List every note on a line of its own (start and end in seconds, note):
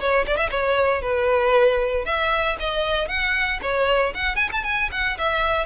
0.00 0.26 C#5
0.27 0.37 D5
0.37 0.50 E5
0.51 1.02 C#5
1.02 2.05 B4
2.05 2.57 E5
2.60 3.08 D#5
3.08 3.60 F#5
3.62 4.14 C#5
4.15 4.36 F#5
4.36 4.49 G#5
4.52 4.64 A5
4.64 4.90 G#5
4.92 5.18 F#5
5.18 5.66 E5